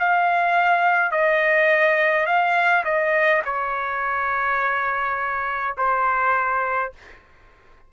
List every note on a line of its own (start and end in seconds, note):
0.00 1.12 F5
1.12 2.27 D#5
2.27 2.84 F5
2.85 3.43 D#5
3.46 5.76 C#5
5.78 6.93 C5